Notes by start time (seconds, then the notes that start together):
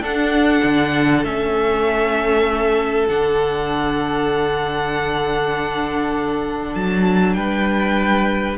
0.00 D4 A4 F#5
0.64 D3
1.24 A3 C#4 E5
3.08 D3 D4 F#5
6.74 F#3 A5
7.34 G3 B4 G5